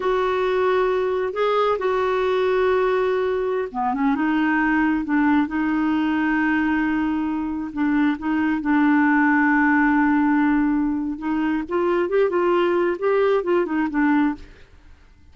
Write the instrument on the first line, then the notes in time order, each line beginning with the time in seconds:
clarinet
0.00 F#4
1.33 G#4
1.78 F#4
3.71 B3
3.94 C#4
4.15 D#4
5.05 D4
5.47 D#4
7.72 D4
8.18 D#4
8.61 D4
11.18 D#4
11.68 F4
12.09 G4
12.29 F4
12.98 G4
13.43 F4
13.65 D#4
13.89 D4